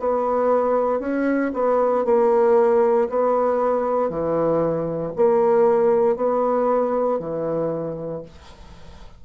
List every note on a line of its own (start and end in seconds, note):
0.00 1.00 B3
1.00 1.52 C#4
1.54 2.05 B3
2.05 3.09 A#3
3.10 4.10 B3
4.10 5.13 E3
5.16 6.16 A#3
6.16 7.19 B3
7.19 8.23 E3